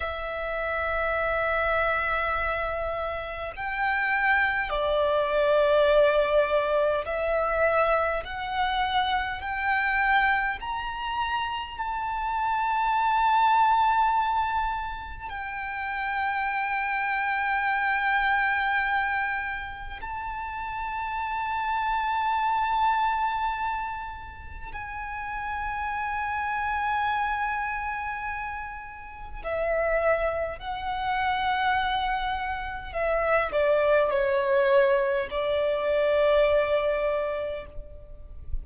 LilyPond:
\new Staff \with { instrumentName = "violin" } { \time 4/4 \tempo 4 = 51 e''2. g''4 | d''2 e''4 fis''4 | g''4 ais''4 a''2~ | a''4 g''2.~ |
g''4 a''2.~ | a''4 gis''2.~ | gis''4 e''4 fis''2 | e''8 d''8 cis''4 d''2 | }